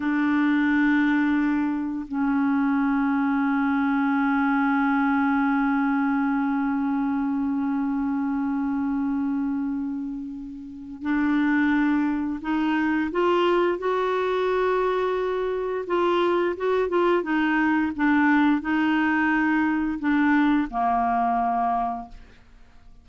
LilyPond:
\new Staff \with { instrumentName = "clarinet" } { \time 4/4 \tempo 4 = 87 d'2. cis'4~ | cis'1~ | cis'1~ | cis'1 |
d'2 dis'4 f'4 | fis'2. f'4 | fis'8 f'8 dis'4 d'4 dis'4~ | dis'4 d'4 ais2 | }